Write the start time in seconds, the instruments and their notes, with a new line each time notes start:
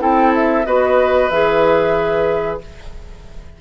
0.00 bassoon C4, clarinet E4, oboe A4, flute G5
0.35 flute E5
0.66 bassoon B3, clarinet F#4, oboe B4, flute D#5
1.30 bassoon E3, clarinet G#4, flute E5